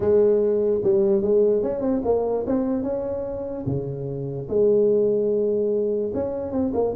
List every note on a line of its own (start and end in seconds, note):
0.00 0.81 G#3
0.83 1.22 G3
1.22 1.62 G#3
1.63 1.81 C#4
1.81 2.01 C4
2.04 2.45 A#3
2.46 2.83 C4
2.83 3.64 C#4
3.65 4.47 C#3
4.48 6.12 G#3
6.14 6.52 C#4
6.52 6.72 C4
6.74 6.94 A#3